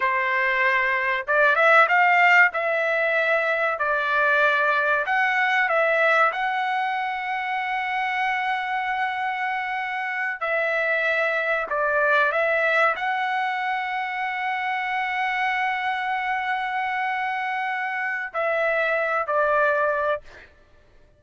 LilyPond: \new Staff \with { instrumentName = "trumpet" } { \time 4/4 \tempo 4 = 95 c''2 d''8 e''8 f''4 | e''2 d''2 | fis''4 e''4 fis''2~ | fis''1~ |
fis''8 e''2 d''4 e''8~ | e''8 fis''2.~ fis''8~ | fis''1~ | fis''4 e''4. d''4. | }